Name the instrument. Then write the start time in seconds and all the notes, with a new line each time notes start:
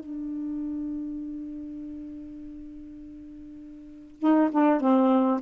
saxophone
0.00 D4
4.20 D#4
4.52 D4
4.81 C4